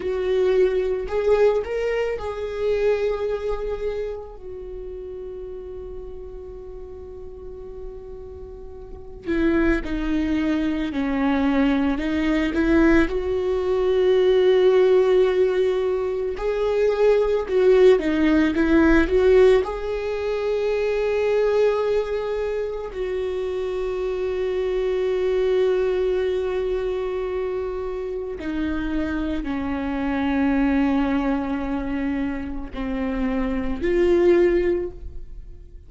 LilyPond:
\new Staff \with { instrumentName = "viola" } { \time 4/4 \tempo 4 = 55 fis'4 gis'8 ais'8 gis'2 | fis'1~ | fis'8 e'8 dis'4 cis'4 dis'8 e'8 | fis'2. gis'4 |
fis'8 dis'8 e'8 fis'8 gis'2~ | gis'4 fis'2.~ | fis'2 dis'4 cis'4~ | cis'2 c'4 f'4 | }